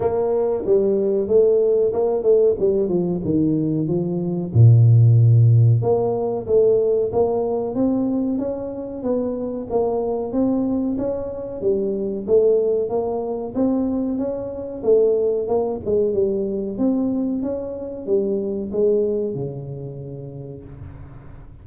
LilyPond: \new Staff \with { instrumentName = "tuba" } { \time 4/4 \tempo 4 = 93 ais4 g4 a4 ais8 a8 | g8 f8 dis4 f4 ais,4~ | ais,4 ais4 a4 ais4 | c'4 cis'4 b4 ais4 |
c'4 cis'4 g4 a4 | ais4 c'4 cis'4 a4 | ais8 gis8 g4 c'4 cis'4 | g4 gis4 cis2 | }